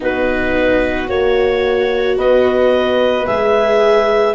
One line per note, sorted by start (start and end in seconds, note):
0.00 1.09 B3
0.00 1.06 D#4
0.00 2.17 F#4
0.00 1.09 B4
1.07 2.17 A#3
1.07 3.25 F#4
1.07 2.18 C#5
2.17 3.26 B3
2.17 4.35 B4
2.17 3.27 D#5
3.26 4.35 G#3
3.26 4.35 G#4
3.26 4.35 E5